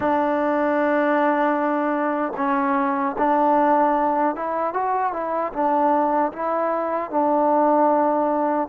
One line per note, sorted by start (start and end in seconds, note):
0.00 2.32 D4
2.36 3.15 C#4
3.18 4.35 D4
4.35 4.73 E4
4.73 5.12 F#4
5.12 5.52 E4
5.53 6.32 D4
6.32 7.10 E4
7.10 8.68 D4